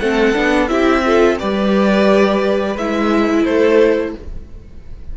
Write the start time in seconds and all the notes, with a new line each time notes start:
0.00 A3 C4 A4 F#5
0.34 B3 D4
0.68 C4 E4 G4 E5
1.05 F4 A4
1.39 G3 G4 B4 D5
2.76 G#3 E4 E5
3.45 A3 A4 C5